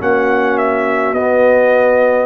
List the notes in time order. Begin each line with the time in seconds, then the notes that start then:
0.00 A#3 C#4 F#4 F#5
0.58 E5
1.12 B3 D#5